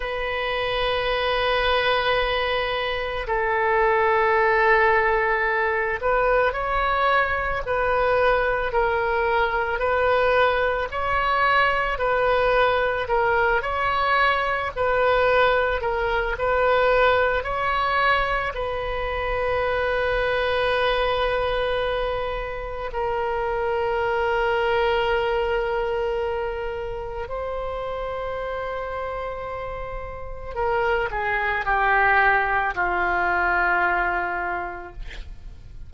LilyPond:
\new Staff \with { instrumentName = "oboe" } { \time 4/4 \tempo 4 = 55 b'2. a'4~ | a'4. b'8 cis''4 b'4 | ais'4 b'4 cis''4 b'4 | ais'8 cis''4 b'4 ais'8 b'4 |
cis''4 b'2.~ | b'4 ais'2.~ | ais'4 c''2. | ais'8 gis'8 g'4 f'2 | }